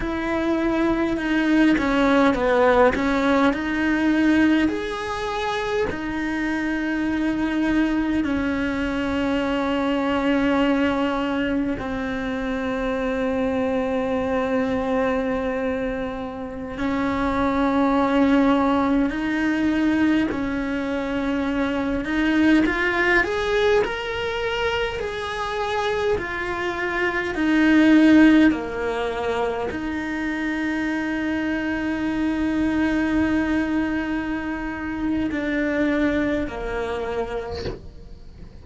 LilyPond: \new Staff \with { instrumentName = "cello" } { \time 4/4 \tempo 4 = 51 e'4 dis'8 cis'8 b8 cis'8 dis'4 | gis'4 dis'2 cis'4~ | cis'2 c'2~ | c'2~ c'16 cis'4.~ cis'16~ |
cis'16 dis'4 cis'4. dis'8 f'8 gis'16~ | gis'16 ais'4 gis'4 f'4 dis'8.~ | dis'16 ais4 dis'2~ dis'8.~ | dis'2 d'4 ais4 | }